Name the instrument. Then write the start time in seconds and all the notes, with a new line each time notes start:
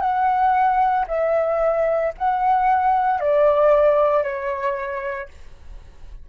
flute
0.00 F#5
1.08 E5
2.18 F#5
3.20 D5
4.23 C#5